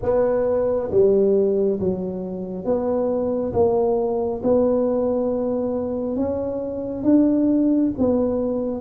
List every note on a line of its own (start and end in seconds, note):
0.02 0.90 B3
0.91 1.79 G3
1.79 2.64 F#3
2.64 3.53 B3
3.53 4.41 A#3
4.43 6.16 B3
6.16 7.03 C#4
7.03 7.91 D4
7.98 8.80 B3